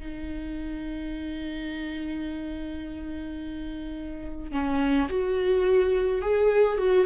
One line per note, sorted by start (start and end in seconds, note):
0.00 4.52 D#4
4.52 5.09 C#4
5.09 6.22 F#4
6.22 6.78 G#4
6.78 7.06 F#4